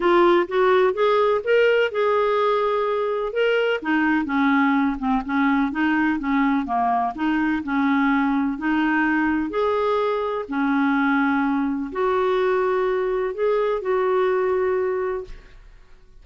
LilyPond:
\new Staff \with { instrumentName = "clarinet" } { \time 4/4 \tempo 4 = 126 f'4 fis'4 gis'4 ais'4 | gis'2. ais'4 | dis'4 cis'4. c'8 cis'4 | dis'4 cis'4 ais4 dis'4 |
cis'2 dis'2 | gis'2 cis'2~ | cis'4 fis'2. | gis'4 fis'2. | }